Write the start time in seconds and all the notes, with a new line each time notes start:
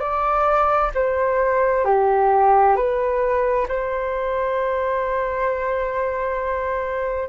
0.00 D5
0.95 C5
1.85 G4
2.76 B4
3.69 C5